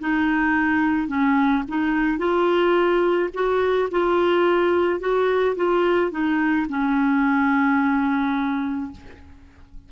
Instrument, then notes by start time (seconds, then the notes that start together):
clarinet
0.00 D#4
1.09 C#4
1.69 D#4
2.19 F4
3.34 F#4
3.91 F4
5.01 F#4
5.56 F4
6.12 D#4
6.70 C#4